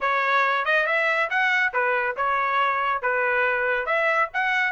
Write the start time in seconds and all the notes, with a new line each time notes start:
0.00 C#5
0.65 D#5
0.86 E5
1.30 F#5
1.73 B4
2.16 C#5
3.02 B4
3.86 E5
4.33 F#5